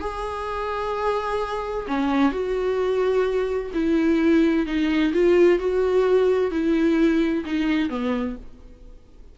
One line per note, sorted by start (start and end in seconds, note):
0.00 1.86 G#4
1.88 2.32 C#4
2.32 3.71 F#4
3.74 4.66 E4
4.66 5.12 D#4
5.13 5.59 F4
5.59 6.51 F#4
6.51 7.44 E4
7.45 7.89 D#4
7.89 8.36 B3